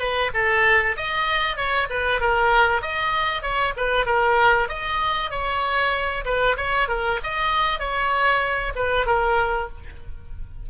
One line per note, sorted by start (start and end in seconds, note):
0.00 0.31 B4
0.34 0.97 A4
0.97 1.57 D#5
1.57 1.88 C#5
1.90 2.21 B4
2.21 2.82 A#4
2.82 3.42 D#5
3.42 3.74 C#5
3.77 4.06 B4
4.06 4.69 A#4
4.69 5.31 D#5
5.31 6.25 C#5
6.25 6.57 B4
6.57 6.88 C#5
6.88 7.20 A#4
7.24 7.80 D#5
7.80 8.73 C#5
8.76 9.06 B4
9.06 9.69 A#4